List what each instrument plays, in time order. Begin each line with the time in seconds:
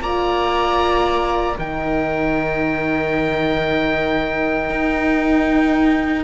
0.00 cello A#3, horn F4, viola D5, oboe A#5
1.57 cello D#3, horn D#4, viola A#4, oboe G5
4.70 cello D#4